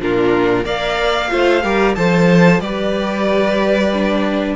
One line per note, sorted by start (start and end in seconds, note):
0.00 0.65 A#2
0.00 0.65 D4
0.00 0.65 F4
0.00 0.66 A#4
0.65 1.30 A#3
0.65 1.29 A#4
0.65 1.30 D5
0.65 1.95 F5
1.29 1.64 A3
1.29 1.61 F4
1.29 1.63 C5
1.63 1.96 G3
1.63 1.96 G4
1.63 1.96 A#4
1.95 2.60 F3
1.95 2.61 A4
1.95 2.62 C5
1.95 2.60 A5
2.60 4.56 G3
2.60 3.93 G4
2.60 4.56 B4
2.60 4.56 D5
3.93 4.56 D4